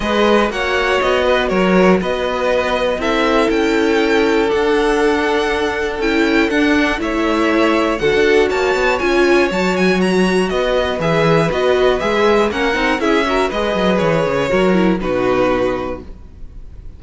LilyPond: <<
  \new Staff \with { instrumentName = "violin" } { \time 4/4 \tempo 4 = 120 dis''4 fis''4 dis''4 cis''4 | dis''2 e''4 g''4~ | g''4 fis''2. | g''4 fis''4 e''2 |
fis''4 a''4 gis''4 a''8 gis''8 | ais''4 dis''4 e''4 dis''4 | e''4 fis''4 e''4 dis''4 | cis''2 b'2 | }
  \new Staff \with { instrumentName = "violin" } { \time 4/4 b'4 cis''4. b'8 ais'4 | b'2 a'2~ | a'1~ | a'2 cis''2 |
a'4 cis''2.~ | cis''4 b'2.~ | b'4 ais'4 gis'8 ais'8 b'4~ | b'4 ais'4 fis'2 | }
  \new Staff \with { instrumentName = "viola" } { \time 4/4 gis'4 fis'2.~ | fis'2 e'2~ | e'4 d'2. | e'4 d'4 e'2 |
fis'2 f'4 fis'4~ | fis'2 gis'4 fis'4 | gis'4 cis'8 dis'8 e'8 fis'8 gis'4~ | gis'4 fis'8 e'8 dis'2 | }
  \new Staff \with { instrumentName = "cello" } { \time 4/4 gis4 ais4 b4 fis4 | b2 c'4 cis'4~ | cis'4 d'2. | cis'4 d'4 a2 |
d16 d'8. ais8 b8 cis'4 fis4~ | fis4 b4 e4 b4 | gis4 ais8 c'8 cis'4 gis8 fis8 | e8 cis8 fis4 b,2 | }
>>